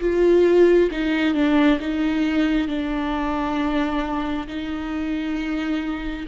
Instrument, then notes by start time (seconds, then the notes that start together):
viola
0.00 F4
0.91 D#4
1.34 D4
1.80 D#4
2.67 D4
4.47 D#4